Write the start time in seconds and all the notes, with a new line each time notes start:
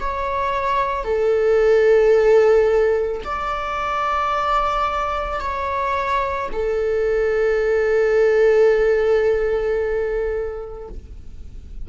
0.00 C#5
1.04 A4
3.24 D5
5.40 C#5
6.53 A4